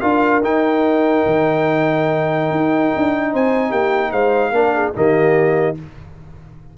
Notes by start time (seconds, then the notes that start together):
0.00 D4 F4 A#4 F5
0.43 D#4 G5
1.26 D#3
2.50 D#4
2.96 D4
3.32 C4 C5 G#5
3.69 A#3 G4 G5
4.11 G#3 C5 F5
4.51 A#3 D4 A#4
4.74 G#4
4.94 D#3 A#3 G4 D#5